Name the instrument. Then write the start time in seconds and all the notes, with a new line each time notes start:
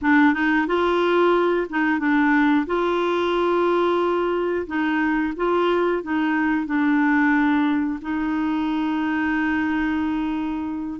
clarinet
0.01 D4
0.33 D#4
0.67 F4
1.69 D#4
1.99 D4
2.66 F4
4.66 D#4
5.36 F4
6.02 D#4
6.66 D4
8.01 D#4